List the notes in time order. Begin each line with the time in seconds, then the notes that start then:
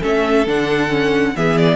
0.00 A3 C#4 A4 E5
0.46 D3 D4 F#5
0.89 C#4
1.36 E3 B3 G#4 E5
1.57 D5